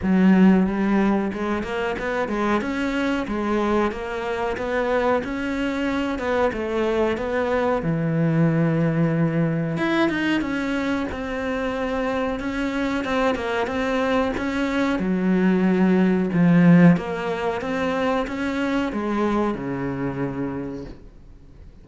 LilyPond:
\new Staff \with { instrumentName = "cello" } { \time 4/4 \tempo 4 = 92 fis4 g4 gis8 ais8 b8 gis8 | cis'4 gis4 ais4 b4 | cis'4. b8 a4 b4 | e2. e'8 dis'8 |
cis'4 c'2 cis'4 | c'8 ais8 c'4 cis'4 fis4~ | fis4 f4 ais4 c'4 | cis'4 gis4 cis2 | }